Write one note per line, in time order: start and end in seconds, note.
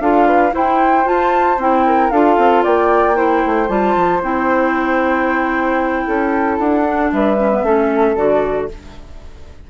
0.00 0.53 D4
0.00 0.51 F4
0.00 0.26 A4
0.00 0.54 F5
0.26 0.53 B4
0.51 1.04 E4
0.51 1.06 E4
0.51 1.86 C5
0.51 1.07 G5
1.04 1.57 F4
1.04 1.58 F4
1.04 1.60 A5
1.58 2.11 C4
1.58 2.12 E4
1.58 2.10 G5
1.86 2.12 A#4
2.10 2.37 D4
2.10 3.15 F4
2.10 2.63 A4
2.10 2.63 F5
2.37 2.64 C4
2.63 3.44 A#3
2.63 3.16 D5
2.63 3.68 G5
3.15 3.67 E4
3.15 6.06 C5
3.45 3.69 A3
3.68 3.95 G3
3.68 4.20 F4
3.68 4.21 A5
3.96 4.22 F3
4.22 6.07 C4
4.22 6.84 E4
4.22 6.59 G5
6.07 6.59 C#4
6.07 7.12 A4
6.59 7.12 D4
6.59 7.11 F#5
6.84 7.37 D4
7.12 7.62 G3
7.12 7.65 B4
7.12 8.16 E5
7.37 7.51 C#4
7.51 7.64 B3
7.62 8.15 A3
7.62 8.16 C#4
7.62 8.70 A4
8.16 8.69 D3
8.16 8.69 F#4
8.16 8.69 D5